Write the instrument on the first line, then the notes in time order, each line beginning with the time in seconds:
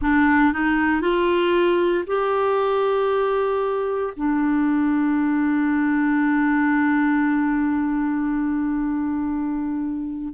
clarinet
0.01 D4
0.52 D#4
1.01 F4
2.06 G4
4.16 D4